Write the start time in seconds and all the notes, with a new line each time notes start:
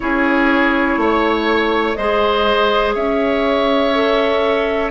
0.00 C#4 E4 G#4 C#5
0.97 A3 C#5
1.94 G#3 G#4 C5 D#5
2.94 C#4 C#5 E5
3.93 A4